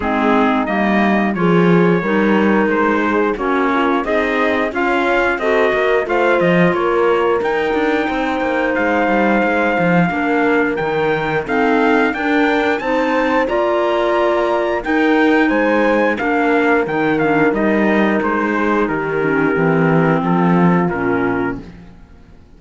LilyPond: <<
  \new Staff \with { instrumentName = "trumpet" } { \time 4/4 \tempo 4 = 89 gis'4 dis''4 cis''2 | c''4 cis''4 dis''4 f''4 | dis''4 f''8 dis''8 cis''4 g''4~ | g''4 f''2. |
g''4 f''4 g''4 a''4 | ais''2 g''4 gis''4 | f''4 g''8 f''8 dis''4 c''4 | ais'2 a'4 ais'4 | }
  \new Staff \with { instrumentName = "horn" } { \time 4/4 dis'2 gis'4 ais'4~ | ais'8 gis'8 fis'8 f'8 dis'4 cis'4 | a'8 ais'8 c''4 ais'2 | c''2. ais'4~ |
ais'4 a'4 ais'4 c''4 | d''2 ais'4 c''4 | ais'2.~ ais'8 gis'8 | g'2 f'2 | }
  \new Staff \with { instrumentName = "clarinet" } { \time 4/4 c'4 ais4 f'4 dis'4~ | dis'4 cis'4 gis'4 f'4 | fis'4 f'2 dis'4~ | dis'2. d'4 |
dis'4 c'4 d'4 dis'4 | f'2 dis'2 | d'4 dis'8 d'8 dis'2~ | dis'8 cis'8 c'2 cis'4 | }
  \new Staff \with { instrumentName = "cello" } { \time 4/4 gis4 g4 f4 g4 | gis4 ais4 c'4 cis'4 | c'8 ais8 a8 f8 ais4 dis'8 d'8 | c'8 ais8 gis8 g8 gis8 f8 ais4 |
dis4 dis'4 d'4 c'4 | ais2 dis'4 gis4 | ais4 dis4 g4 gis4 | dis4 e4 f4 ais,4 | }
>>